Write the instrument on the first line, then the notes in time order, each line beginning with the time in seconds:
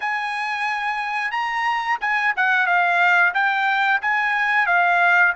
trumpet
0.00 G#5
1.31 A#5
2.01 G#5
2.36 F#5
2.66 F5
3.33 G5
4.02 G#5
4.66 F5